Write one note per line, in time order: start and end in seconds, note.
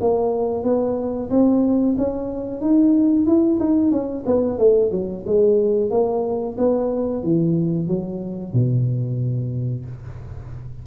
0.00 0.63 A#3
0.63 1.29 B3
1.29 1.95 C4
1.97 2.61 C#4
2.61 3.26 D#4
3.26 3.59 E4
3.59 3.91 D#4
3.91 4.24 C#4
4.26 4.58 B3
4.58 4.91 A3
4.91 5.24 F#3
5.26 5.90 G#3
5.90 6.56 A#3
6.57 7.23 B3
7.23 7.87 E3
7.87 8.53 F#3
8.53 9.85 B2